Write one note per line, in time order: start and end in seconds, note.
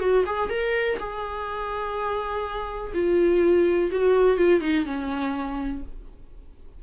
0.00 0.24 F#4
0.26 0.50 G#4
0.50 0.98 A#4
0.99 2.93 G#4
2.94 3.91 F4
3.91 4.37 F#4
4.37 4.61 F4
4.61 4.85 D#4
4.85 5.82 C#4